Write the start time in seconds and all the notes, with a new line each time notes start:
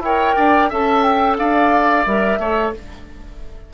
0.00 E4 A#4 C#5 G5
0.36 D4 D5
0.70 C#4 A4 E5 A5
1.03 G5
1.38 D4 D5 F5
2.05 G3 A#4 E5
2.38 A3 A4 C#5